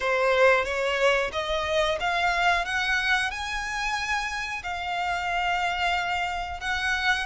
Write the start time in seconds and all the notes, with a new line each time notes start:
0.00 C5
0.64 C#5
1.32 D#5
1.99 F5
2.65 F#5
3.30 G#5
4.63 F5
6.60 F#5